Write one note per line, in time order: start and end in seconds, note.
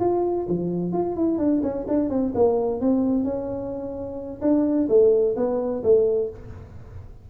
0.00 0.47 F4
0.49 0.93 F3
0.93 1.16 F4
1.16 1.38 E4
1.38 1.62 D4
1.63 1.86 C#4
1.88 2.10 D4
2.10 2.33 C4
2.35 2.81 A#3
2.81 3.24 C4
3.24 4.41 C#4
4.41 4.88 D4
4.89 5.35 A3
5.36 5.83 B3
5.84 6.30 A3